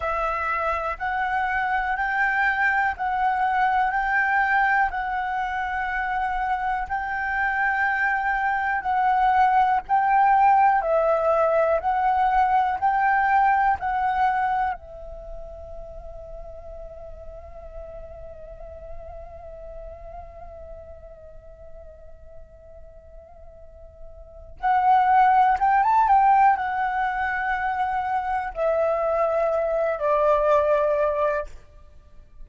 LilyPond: \new Staff \with { instrumentName = "flute" } { \time 4/4 \tempo 4 = 61 e''4 fis''4 g''4 fis''4 | g''4 fis''2 g''4~ | g''4 fis''4 g''4 e''4 | fis''4 g''4 fis''4 e''4~ |
e''1~ | e''1~ | e''4 fis''4 g''16 a''16 g''8 fis''4~ | fis''4 e''4. d''4. | }